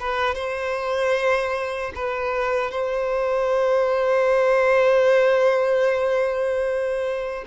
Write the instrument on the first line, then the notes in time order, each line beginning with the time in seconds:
violin
0.00 B4
0.35 C5
1.96 B4
2.72 C5